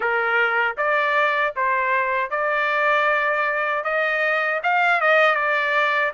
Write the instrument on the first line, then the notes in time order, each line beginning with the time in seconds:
trumpet
0.00 A#4
0.77 D5
1.56 C5
2.30 D5
3.84 D#5
4.63 F5
5.00 D#5
5.35 D5